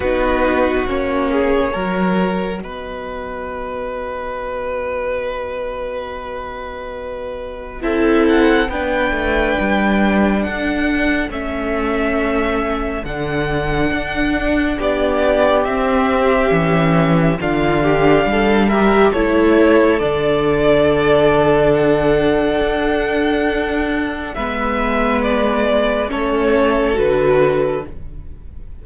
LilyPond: <<
  \new Staff \with { instrumentName = "violin" } { \time 4/4 \tempo 4 = 69 b'4 cis''2 dis''4~ | dis''1~ | dis''4 e''8 fis''8 g''2 | fis''4 e''2 fis''4~ |
fis''4 d''4 e''2 | f''4. e''8 cis''4 d''4~ | d''4 fis''2. | e''4 d''4 cis''4 b'4 | }
  \new Staff \with { instrumentName = "violin" } { \time 4/4 fis'4. gis'8 ais'4 b'4~ | b'1~ | b'4 a'4 b'2 | a'1~ |
a'4 g'2. | f'8 g'8 a'8 ais'8 a'2~ | a'1 | b'2 a'2 | }
  \new Staff \with { instrumentName = "viola" } { \time 4/4 dis'4 cis'4 fis'2~ | fis'1~ | fis'4 e'4 d'2~ | d'4 cis'2 d'4~ |
d'2 c'4 cis'4 | d'4. g'8 e'4 d'4~ | d'1 | b2 cis'4 fis'4 | }
  \new Staff \with { instrumentName = "cello" } { \time 4/4 b4 ais4 fis4 b4~ | b1~ | b4 c'4 b8 a8 g4 | d'4 a2 d4 |
d'4 b4 c'4 e4 | d4 g4 a4 d4~ | d2 d'2 | gis2 a4 d4 | }
>>